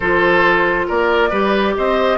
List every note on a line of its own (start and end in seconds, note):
0.00 0.89 F3
0.00 1.32 F4
0.00 0.86 A4
0.00 0.87 C5
0.87 1.31 A#3
0.87 1.29 A#4
0.87 1.76 D5
1.29 1.75 G3
1.29 2.18 G4
1.29 1.73 B4
1.76 2.18 C4
1.76 2.18 C5
1.76 2.18 D#5